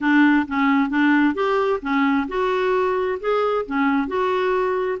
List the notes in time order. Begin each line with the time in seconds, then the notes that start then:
0.01 D4
0.47 C#4
0.89 D4
1.34 G4
1.81 C#4
2.27 F#4
3.20 G#4
3.65 C#4
4.07 F#4